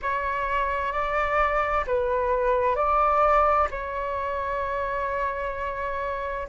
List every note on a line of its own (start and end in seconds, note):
0.02 0.92 C#5
0.92 1.84 D5
1.86 2.75 B4
2.75 3.68 D5
3.70 6.47 C#5